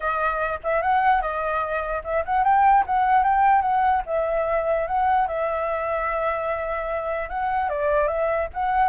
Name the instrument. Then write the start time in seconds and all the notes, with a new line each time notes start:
flute
0.00 D#5
0.63 E5
0.81 F#5
1.21 D#5
2.04 E5
2.25 F#5
2.44 G5
2.86 F#5
3.23 G5
3.61 F#5
4.06 E5
4.87 F#5
5.27 E5
7.29 F#5
7.69 D5
8.07 E5
8.53 F#5